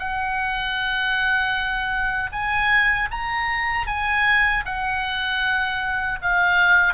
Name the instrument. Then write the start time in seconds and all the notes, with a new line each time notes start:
oboe
0.00 F#5
2.33 G#5
3.12 A#5
3.88 G#5
4.66 F#5
6.22 F5